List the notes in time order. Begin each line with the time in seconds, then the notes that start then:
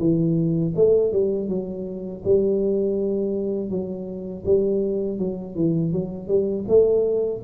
0.00 E3
0.76 A3
1.12 G3
1.49 F#3
2.25 G3
3.70 F#3
4.46 G3
5.19 F#3
5.56 E3
5.93 F#3
6.28 G3
6.69 A3